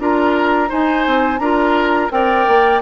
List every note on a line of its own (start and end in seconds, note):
0.00 0.71 D4
0.00 0.69 F4
0.00 0.70 A#4
0.00 0.72 A#5
0.69 1.39 D#4
0.69 1.07 D#4
0.69 1.40 C5
0.69 1.39 G#5
1.07 1.39 C4
1.39 2.10 D4
1.39 2.11 F4
1.39 2.12 A#4
1.39 2.10 A#5
2.11 2.47 C4
2.11 2.81 A#4
2.11 2.82 D5
2.11 2.82 G5
2.48 2.82 A#3